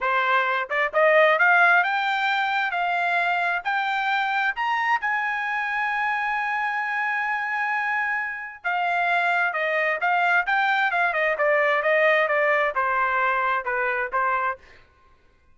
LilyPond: \new Staff \with { instrumentName = "trumpet" } { \time 4/4 \tempo 4 = 132 c''4. d''8 dis''4 f''4 | g''2 f''2 | g''2 ais''4 gis''4~ | gis''1~ |
gis''2. f''4~ | f''4 dis''4 f''4 g''4 | f''8 dis''8 d''4 dis''4 d''4 | c''2 b'4 c''4 | }